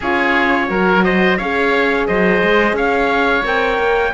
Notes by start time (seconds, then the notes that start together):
0.00 C#4 F4 G#4 C#5
0.68 F#3 F#4 A#4
1.03 C5 D#5
1.37 C#4 G#4 C#5 F5
2.07 F#3 C5 D#5
2.42 G#3
2.73 C#4 C#5 F5
3.44 C4 A#4 G5
3.78 A#3